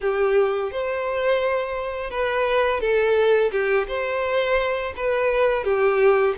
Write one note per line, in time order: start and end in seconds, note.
0.00 0.71 G4
0.71 2.10 C5
2.10 2.80 B4
2.80 3.51 A4
3.51 3.86 G4
3.87 4.93 C5
4.96 5.63 B4
5.63 6.34 G4